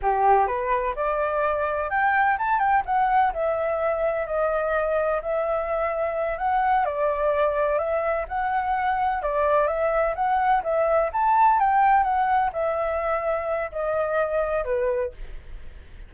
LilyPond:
\new Staff \with { instrumentName = "flute" } { \time 4/4 \tempo 4 = 127 g'4 b'4 d''2 | g''4 a''8 g''8 fis''4 e''4~ | e''4 dis''2 e''4~ | e''4. fis''4 d''4.~ |
d''8 e''4 fis''2 d''8~ | d''8 e''4 fis''4 e''4 a''8~ | a''8 g''4 fis''4 e''4.~ | e''4 dis''2 b'4 | }